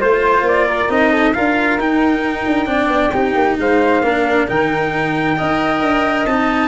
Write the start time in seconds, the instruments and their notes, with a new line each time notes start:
0.00 tuba A3, cello F4, flute C5, trumpet C5
0.42 tuba A#3
0.48 trumpet D5
0.68 flute A#4
0.89 tuba C4, cello D#4, trumpet D#5
1.12 flute A4
1.34 tuba D4, cello F4, flute A#4, trumpet F5
1.78 tuba D#4, cello D#4, trumpet G5
2.47 tuba D4
2.66 tuba C4, cello D4, flute D5
2.88 tuba B3
3.12 tuba C4, cello D#4, flute G4
3.35 tuba A#3
3.59 tuba G#3, flute C5, trumpet F5
4.01 tuba A#3, cello D4, flute A#4
4.48 tuba D#3, cello D#4, trumpet G5
5.37 tuba D#4, cello A#4, flute D#5
5.81 tuba D4
6.26 tuba C4, cello D#4, trumpet A5